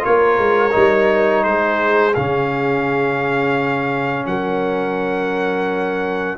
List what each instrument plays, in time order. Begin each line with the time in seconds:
0.00 trombone F4, horn A#4, trumpet C#5
0.07 tuba A#3
0.38 tuba G#3
0.72 tuba G3, trombone D#4
1.44 tuba G#3, horn G#4, trumpet C5
2.15 tuba C#3, trombone C#4, trumpet F5
4.26 tuba F#3, horn A#4, trumpet F#5